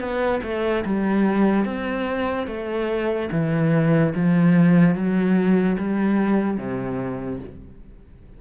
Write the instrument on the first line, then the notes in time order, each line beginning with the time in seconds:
cello
0.00 B3
0.43 A3
0.86 G3
1.65 C4
2.47 A3
3.32 E3
4.15 F3
4.95 F#3
5.78 G3
6.58 C3